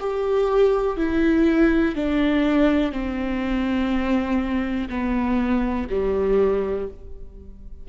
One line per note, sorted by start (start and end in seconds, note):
0.00 0.97 G4
0.97 1.96 E4
1.96 2.92 D4
2.92 4.89 C4
4.90 5.88 B3
5.90 6.88 G3